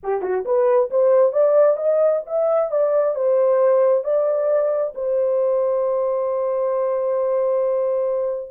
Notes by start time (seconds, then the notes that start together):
0.03 G4
0.22 F#4
0.45 B4
0.90 C5
1.32 D5
1.76 D#5
2.26 E5
2.71 D5
3.15 C5
4.04 D5
4.95 C5